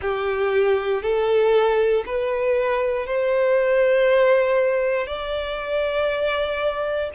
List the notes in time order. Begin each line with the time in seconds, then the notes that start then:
0.01 G4
1.02 A4
2.06 B4
3.06 C5
5.07 D5